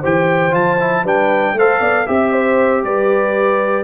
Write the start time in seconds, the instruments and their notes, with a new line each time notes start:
0.00 tuba E3, trombone G4, horn C5, trumpet G5
0.51 tuba F3, trombone F4, trumpet A5
0.79 trombone E4
1.03 tuba G3, trombone D4, horn B4, trumpet G5
1.53 tuba A3, trombone A4, horn C5, trumpet F5
1.80 tuba B3, horn D5
2.06 tuba C4, trombone G4, trumpet E5, horn E5
2.32 horn C5
2.84 tuba G3, horn B4, trumpet D5